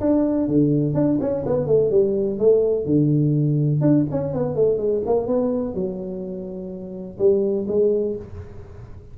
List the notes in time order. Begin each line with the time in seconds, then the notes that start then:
0.00 D4
0.48 D3
0.94 D4
1.20 C#4
1.46 B3
1.66 A3
1.90 G3
2.39 A3
2.85 D3
3.81 D4
4.11 C#4
4.33 B3
4.55 A3
4.78 G#3
5.06 A#3
5.27 B3
5.74 F#3
7.19 G3
7.68 G#3